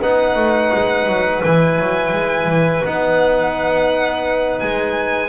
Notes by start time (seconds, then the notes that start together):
0.00 B3 D#4 B4 F#5
0.36 A3
0.73 G#3
1.06 F#3
1.43 E3 E4 G#5
1.79 F#3
2.12 G#3
2.46 E3
2.85 B3 D#4 F#5
4.60 G#3 G#5